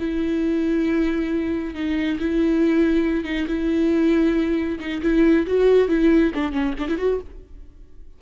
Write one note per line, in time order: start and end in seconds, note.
0.00 1.75 E4
1.75 2.19 D#4
2.20 3.25 E4
3.25 3.47 D#4
3.48 4.79 E4
4.80 5.02 D#4
5.03 5.46 E4
5.47 5.89 F#4
5.89 6.32 E4
6.35 6.53 D4
6.53 6.74 C#4
6.79 6.89 D4
6.89 6.98 E4
6.98 7.20 F#4